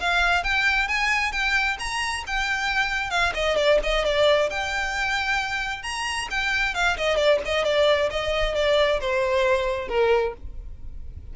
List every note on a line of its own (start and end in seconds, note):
0.00 0.44 F5
0.44 0.88 G5
0.88 1.32 G#5
1.32 1.77 G5
1.79 2.24 A#5
2.27 3.11 G5
3.11 3.33 F5
3.34 3.57 D#5
3.57 3.79 D5
3.83 4.05 D#5
4.05 4.50 D5
4.50 5.83 G5
5.83 6.28 A#5
6.31 6.74 G5
6.74 6.97 F5
6.97 7.17 D#5
7.17 7.39 D5
7.45 7.65 D#5
7.65 8.10 D5
8.10 8.55 D#5
8.55 9.00 D5
9.01 9.89 C5
9.89 10.34 A#4